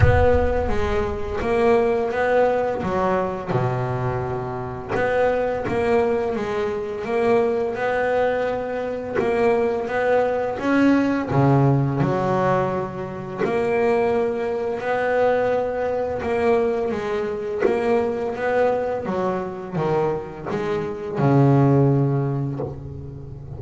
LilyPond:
\new Staff \with { instrumentName = "double bass" } { \time 4/4 \tempo 4 = 85 b4 gis4 ais4 b4 | fis4 b,2 b4 | ais4 gis4 ais4 b4~ | b4 ais4 b4 cis'4 |
cis4 fis2 ais4~ | ais4 b2 ais4 | gis4 ais4 b4 fis4 | dis4 gis4 cis2 | }